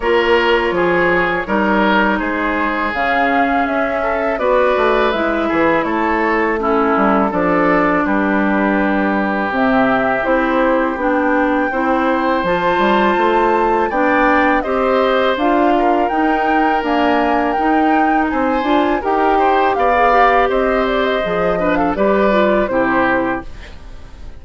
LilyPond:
<<
  \new Staff \with { instrumentName = "flute" } { \time 4/4 \tempo 4 = 82 cis''2. c''4 | f''4 e''4 d''4 e''4 | cis''4 a'4 d''4 b'4~ | b'4 e''4 c''4 g''4~ |
g''4 a''2 g''4 | dis''4 f''4 g''4 gis''4 | g''4 gis''4 g''4 f''4 | dis''8 d''16 dis''4 f''16 d''4 c''4 | }
  \new Staff \with { instrumentName = "oboe" } { \time 4/4 ais'4 gis'4 ais'4 gis'4~ | gis'4. a'8 b'4. gis'8 | a'4 e'4 a'4 g'4~ | g'1 |
c''2. d''4 | c''4. ais'2~ ais'8~ | ais'4 c''4 ais'8 c''8 d''4 | c''4. b'16 a'16 b'4 g'4 | }
  \new Staff \with { instrumentName = "clarinet" } { \time 4/4 f'2 dis'2 | cis'2 fis'4 e'4~ | e'4 cis'4 d'2~ | d'4 c'4 e'4 d'4 |
e'4 f'2 d'4 | g'4 f'4 dis'4 ais4 | dis'4. f'8 g'4~ g'16 gis'16 g'8~ | g'4 gis'8 d'8 g'8 f'8 e'4 | }
  \new Staff \with { instrumentName = "bassoon" } { \time 4/4 ais4 f4 g4 gis4 | cis4 cis'4 b8 a8 gis8 e8 | a4. g8 f4 g4~ | g4 c4 c'4 b4 |
c'4 f8 g8 a4 b4 | c'4 d'4 dis'4 d'4 | dis'4 c'8 d'8 dis'4 b4 | c'4 f4 g4 c4 | }
>>